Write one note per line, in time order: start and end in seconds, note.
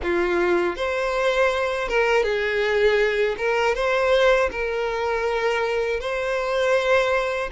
0.02 0.76 F4
0.76 1.88 C5
1.88 2.23 A#4
2.23 3.35 G#4
3.37 3.74 A#4
3.74 4.49 C5
4.51 6.00 A#4
6.00 7.50 C5